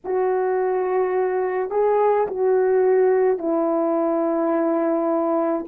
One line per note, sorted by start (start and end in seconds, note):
0.04 1.70 F#4
1.70 2.26 G#4
2.27 3.38 F#4
3.38 5.64 E4